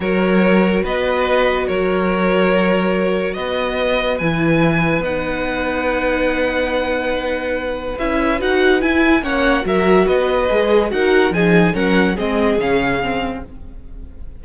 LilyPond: <<
  \new Staff \with { instrumentName = "violin" } { \time 4/4 \tempo 4 = 143 cis''2 dis''2 | cis''1 | dis''2 gis''2 | fis''1~ |
fis''2. e''4 | fis''4 gis''4 fis''4 e''4 | dis''2 fis''4 gis''4 | fis''4 dis''4 f''2 | }
  \new Staff \with { instrumentName = "violin" } { \time 4/4 ais'2 b'2 | ais'1 | b'1~ | b'1~ |
b'1~ | b'2 cis''4 ais'4 | b'2 ais'4 gis'4 | ais'4 gis'2. | }
  \new Staff \with { instrumentName = "viola" } { \time 4/4 fis'1~ | fis'1~ | fis'2 e'2 | dis'1~ |
dis'2. e'4 | fis'4 e'4 cis'4 fis'4~ | fis'4 gis'4 fis'4 dis'4 | cis'4 c'4 cis'4 c'4 | }
  \new Staff \with { instrumentName = "cello" } { \time 4/4 fis2 b2 | fis1 | b2 e2 | b1~ |
b2. cis'4 | dis'4 e'4 ais4 fis4 | b4 gis4 dis'4 f4 | fis4 gis4 cis2 | }
>>